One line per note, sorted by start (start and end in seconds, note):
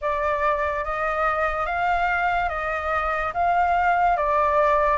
0.01 0.84 D5
0.84 1.66 D#5
1.66 2.49 F5
2.49 3.32 D#5
3.33 4.16 F5
4.16 4.97 D5